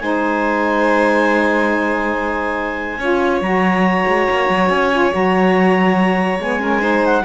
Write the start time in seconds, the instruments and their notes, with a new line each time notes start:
0.00 cello G#3, saxophone D#4, violin C5, clarinet G#5
2.99 cello C#4, saxophone F4, violin C#5
3.41 cello F#3, saxophone F#4, clarinet A#5
4.07 cello G#3
4.30 cello A#3
4.49 cello F#3
4.70 cello C#4, clarinet G#5
4.92 saxophone F4
5.11 cello F#3, saxophone F#4, clarinet A#5
6.39 cello G#3, saxophone B3, clarinet G#5
6.60 saxophone C#4, violin A#4
6.81 saxophone D#4, violin C5
7.06 clarinet F#5